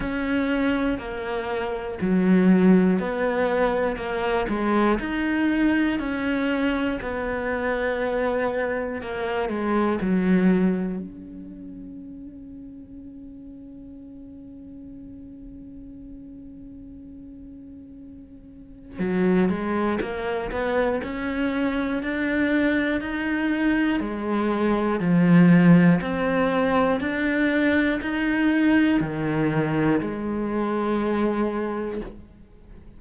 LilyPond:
\new Staff \with { instrumentName = "cello" } { \time 4/4 \tempo 4 = 60 cis'4 ais4 fis4 b4 | ais8 gis8 dis'4 cis'4 b4~ | b4 ais8 gis8 fis4 cis'4~ | cis'1~ |
cis'2. fis8 gis8 | ais8 b8 cis'4 d'4 dis'4 | gis4 f4 c'4 d'4 | dis'4 dis4 gis2 | }